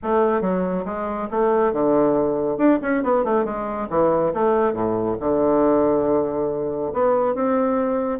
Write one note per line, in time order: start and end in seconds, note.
0.03 0.41 A3
0.41 0.84 F#3
0.85 1.28 G#3
1.30 1.73 A3
1.73 2.57 D3
2.57 2.79 D4
2.82 3.03 C#4
3.03 3.24 B3
3.24 3.44 A3
3.44 3.88 G#3
3.89 4.32 E3
4.33 4.73 A3
4.73 5.16 A2
5.20 6.92 D3
6.93 7.35 B3
7.35 8.19 C4